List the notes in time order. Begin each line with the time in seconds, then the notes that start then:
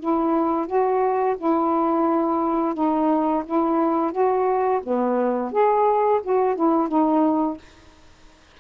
0.00 E4
0.67 F#4
1.38 E4
2.74 D#4
3.45 E4
4.12 F#4
4.83 B3
5.52 G#4
6.23 F#4
6.55 E4
6.88 D#4